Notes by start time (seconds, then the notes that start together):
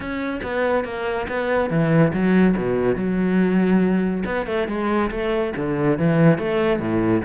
0.00 C#4
0.43 B3
0.84 A#3
1.28 B3
1.69 E3
2.13 F#3
2.56 B2
2.95 F#3
4.25 B3
4.46 A3
4.67 G#3
5.10 A3
5.56 D3
5.98 E3
6.38 A3
6.79 A2